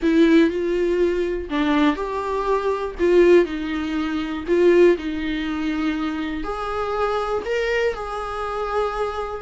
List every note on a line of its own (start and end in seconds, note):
0.02 0.50 E4
0.50 1.49 F4
1.49 1.96 D4
1.96 2.95 G4
2.99 3.45 F4
3.45 4.44 D#4
4.47 4.97 F4
4.97 6.43 D#4
6.43 7.42 G#4
7.45 7.94 A#4
7.94 9.42 G#4